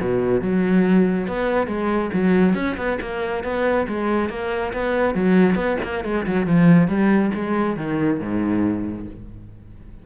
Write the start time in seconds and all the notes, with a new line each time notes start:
0.00 B2
0.41 F#3
1.27 B3
1.67 G#3
2.13 F#3
2.54 C#4
2.77 B3
3.01 A#3
3.43 B3
3.87 G#3
4.29 A#3
4.73 B3
5.14 F#3
5.55 B3
5.83 A#3
6.04 G#3
6.26 F#3
6.46 F3
6.88 G3
7.34 G#3
7.76 D#3
8.19 G#2